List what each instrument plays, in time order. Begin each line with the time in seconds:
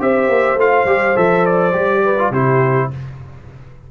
0.00 tuba C4, trombone G4, horn C5, trumpet E5
0.28 tuba A#3
0.55 tuba A3, trombone F4, trumpet F5
0.85 tuba G3, trombone G4
1.16 tuba F3, trombone A4, trumpet E5
1.46 trumpet D5
1.72 tuba G3, trombone G4
2.04 horn B4
2.18 trombone F4
2.30 tuba C3, trombone E4, horn G4, trumpet C5